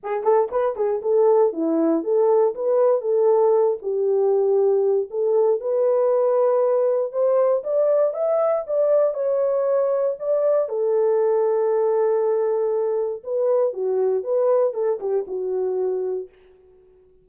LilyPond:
\new Staff \with { instrumentName = "horn" } { \time 4/4 \tempo 4 = 118 gis'8 a'8 b'8 gis'8 a'4 e'4 | a'4 b'4 a'4. g'8~ | g'2 a'4 b'4~ | b'2 c''4 d''4 |
e''4 d''4 cis''2 | d''4 a'2.~ | a'2 b'4 fis'4 | b'4 a'8 g'8 fis'2 | }